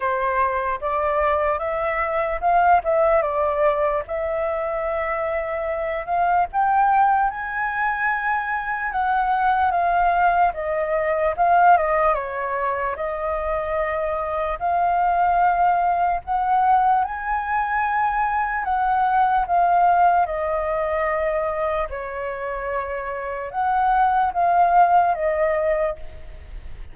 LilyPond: \new Staff \with { instrumentName = "flute" } { \time 4/4 \tempo 4 = 74 c''4 d''4 e''4 f''8 e''8 | d''4 e''2~ e''8 f''8 | g''4 gis''2 fis''4 | f''4 dis''4 f''8 dis''8 cis''4 |
dis''2 f''2 | fis''4 gis''2 fis''4 | f''4 dis''2 cis''4~ | cis''4 fis''4 f''4 dis''4 | }